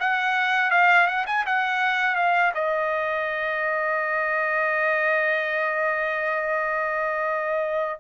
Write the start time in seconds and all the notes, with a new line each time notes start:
0.00 F#5
0.71 F5
1.07 F#5
1.27 G#5
1.46 F#5
2.16 F5
2.54 D#5